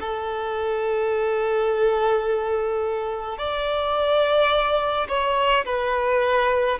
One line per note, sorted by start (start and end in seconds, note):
0.00 3.38 A4
3.38 5.08 D5
5.08 5.65 C#5
5.66 6.79 B4